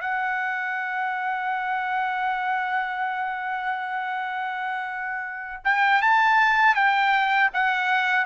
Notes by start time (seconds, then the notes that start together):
0.00 F#5
5.64 G5
6.01 A5
6.75 G5
7.53 F#5